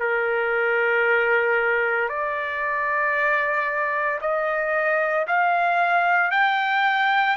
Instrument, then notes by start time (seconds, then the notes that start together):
trumpet
0.00 A#4
2.10 D5
4.22 D#5
5.28 F5
6.32 G5